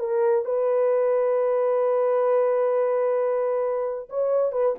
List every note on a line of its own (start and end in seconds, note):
0.00 0.45 A#4
0.45 4.09 B4
4.10 4.52 C#5
4.52 4.75 B4